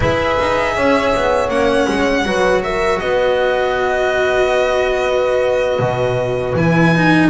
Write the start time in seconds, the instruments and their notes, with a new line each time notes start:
0.00 double bass E4, cello G#4, horn B4, violin E5
0.40 double bass D#4
0.75 double bass C#4, horn C#5
1.15 double bass B3
1.48 double bass A#3, cello C#4, violin F#5
1.88 double bass G#3
2.24 double bass F#3, cello F#4, horn B4
2.63 horn A#4, violin E5
2.99 double bass B3, horn B4, violin D#5
5.79 double bass B2
6.54 double bass E3, cello E4, violin G#5
6.95 cello D#4